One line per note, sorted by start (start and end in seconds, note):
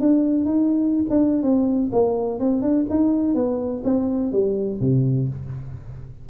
0.00 0.45 D4
0.45 1.05 D#4
1.09 1.42 D4
1.42 1.90 C4
1.92 2.39 A#3
2.39 2.62 C4
2.62 2.86 D4
2.90 3.34 D#4
3.34 3.82 B3
3.84 4.32 C4
4.32 4.80 G3
4.80 5.28 C3